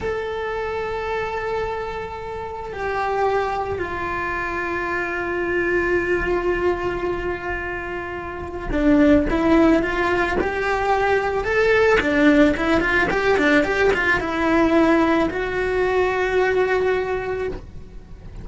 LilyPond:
\new Staff \with { instrumentName = "cello" } { \time 4/4 \tempo 4 = 110 a'1~ | a'4 g'2 f'4~ | f'1~ | f'1 |
d'4 e'4 f'4 g'4~ | g'4 a'4 d'4 e'8 f'8 | g'8 d'8 g'8 f'8 e'2 | fis'1 | }